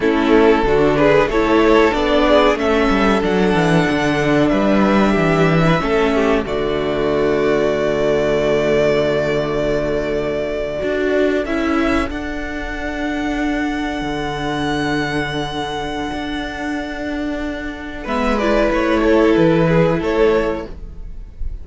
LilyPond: <<
  \new Staff \with { instrumentName = "violin" } { \time 4/4 \tempo 4 = 93 a'4. b'8 cis''4 d''4 | e''4 fis''2 e''4~ | e''2 d''2~ | d''1~ |
d''4.~ d''16 e''4 fis''4~ fis''16~ | fis''1~ | fis''1 | e''8 d''8 cis''4 b'4 cis''4 | }
  \new Staff \with { instrumentName = "violin" } { \time 4/4 e'4 fis'8 gis'8 a'4. gis'8 | a'2. b'4 | g'8. b'16 a'8 g'8 fis'2~ | fis'1~ |
fis'8. a'2.~ a'16~ | a'1~ | a'1 | b'4. a'4 gis'8 a'4 | }
  \new Staff \with { instrumentName = "viola" } { \time 4/4 cis'4 d'4 e'4 d'4 | cis'4 d'2.~ | d'4 cis'4 a2~ | a1~ |
a8. fis'4 e'4 d'4~ d'16~ | d'1~ | d'1 | b8 e'2.~ e'8 | }
  \new Staff \with { instrumentName = "cello" } { \time 4/4 a4 d4 a4 b4 | a8 g8 fis8 e8 d4 g4 | e4 a4 d2~ | d1~ |
d8. d'4 cis'4 d'4~ d'16~ | d'4.~ d'16 d2~ d16~ | d4 d'2. | gis4 a4 e4 a4 | }
>>